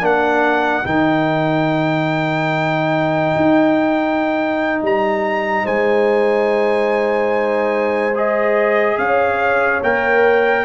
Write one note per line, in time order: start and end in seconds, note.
0.00 0.84 A#3
0.00 0.83 D4
0.00 5.64 A#4
0.00 0.86 F#5
0.84 3.35 D#3
0.84 8.13 D#4
0.84 4.82 G5
3.36 4.81 D#4
4.81 5.65 G3
4.81 5.66 A#5
5.64 8.97 G#3
5.64 8.97 C5
5.64 8.16 G#5
8.15 9.81 G#4
8.15 8.97 D#5
8.97 9.81 C#4
8.97 10.64 C#5
8.97 9.81 F5
9.82 10.65 A#3
9.82 10.65 A#4
9.82 10.65 G5